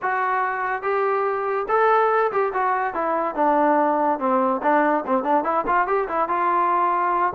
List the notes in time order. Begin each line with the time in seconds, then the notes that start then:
0.02 F#4
0.82 G4
1.68 A4
2.32 G4
2.53 F#4
2.94 E4
3.35 D4
4.19 C4
4.62 D4
5.06 C4
5.23 D4
5.44 E4
5.66 F4
5.87 G4
6.08 E4
6.28 F4